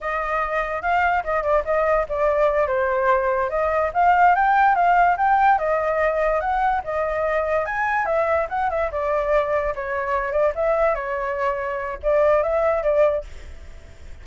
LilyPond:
\new Staff \with { instrumentName = "flute" } { \time 4/4 \tempo 4 = 145 dis''2 f''4 dis''8 d''8 | dis''4 d''4. c''4.~ | c''8 dis''4 f''4 g''4 f''8~ | f''8 g''4 dis''2 fis''8~ |
fis''8 dis''2 gis''4 e''8~ | e''8 fis''8 e''8 d''2 cis''8~ | cis''4 d''8 e''4 cis''4.~ | cis''4 d''4 e''4 d''4 | }